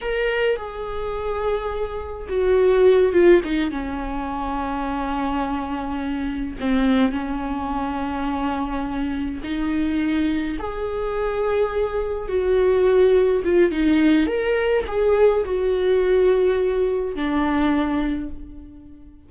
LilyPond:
\new Staff \with { instrumentName = "viola" } { \time 4/4 \tempo 4 = 105 ais'4 gis'2. | fis'4. f'8 dis'8 cis'4.~ | cis'2.~ cis'8 c'8~ | c'8 cis'2.~ cis'8~ |
cis'8 dis'2 gis'4.~ | gis'4. fis'2 f'8 | dis'4 ais'4 gis'4 fis'4~ | fis'2 d'2 | }